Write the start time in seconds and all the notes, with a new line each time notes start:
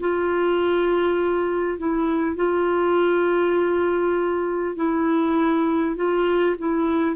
0.00 F4
1.78 E4
2.36 F4
4.76 E4
5.96 F4
6.58 E4